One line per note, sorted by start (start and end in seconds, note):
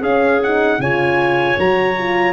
0.00 0.78 C#4
0.00 0.42 C#4
0.00 0.78 G#4
0.00 0.42 F5
0.43 0.81 D#4
0.43 0.81 F#5
0.78 1.56 C#3
0.78 1.58 F4
0.78 2.33 C#5
0.78 1.59 G#5
1.58 2.33 F#3
1.58 1.97 F#4
1.58 2.33 A#5
1.98 2.33 F4